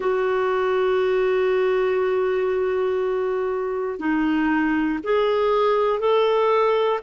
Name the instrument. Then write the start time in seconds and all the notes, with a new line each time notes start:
clarinet
0.00 F#4
3.99 D#4
5.03 G#4
5.99 A4